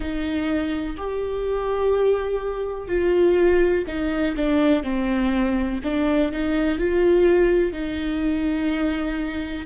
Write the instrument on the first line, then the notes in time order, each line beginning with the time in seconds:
viola
0.00 D#4
0.97 G4
2.88 F4
3.87 D#4
4.35 D4
4.83 C4
5.83 D4
6.32 D#4
6.78 F4
7.72 D#4